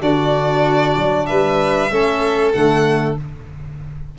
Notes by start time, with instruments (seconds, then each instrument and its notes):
0.00 tuba D3, trombone D4, violin F#4 D5
0.97 tuba F#3
1.26 tuba G3, violin B4 E5
1.91 tuba A3, trombone C#4, violin A4
2.52 tuba D3, trombone A3, violin F#5